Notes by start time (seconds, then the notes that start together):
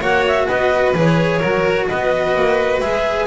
0.00 A#3 F#4 C#5 F#5
0.27 E5
0.48 B3 B4 D#5
0.94 E3 G#4 C#5
1.39 F#3 F#4 A#4
1.88 B3 B4 D#5
2.36 A#3
2.80 G#3 G#4 E5